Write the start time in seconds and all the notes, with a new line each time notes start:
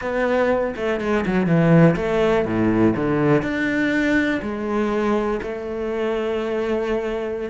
0.01 B3
0.76 A3
1.00 G#3
1.26 F#3
1.46 E3
1.96 A3
2.45 A2
2.96 D3
3.42 D4
4.42 G#3
5.42 A3